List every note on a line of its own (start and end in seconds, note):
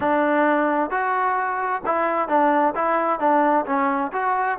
0.00 0.90 D4
0.90 1.82 F#4
1.85 2.28 E4
2.28 2.74 D4
2.75 3.19 E4
3.19 3.65 D4
3.66 4.11 C#4
4.12 4.58 F#4